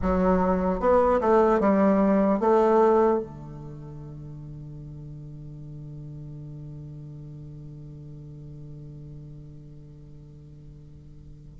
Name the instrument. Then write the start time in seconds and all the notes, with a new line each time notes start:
bassoon
0.01 F#3
0.80 B3
1.20 A3
1.60 G3
2.40 A3
3.19 D3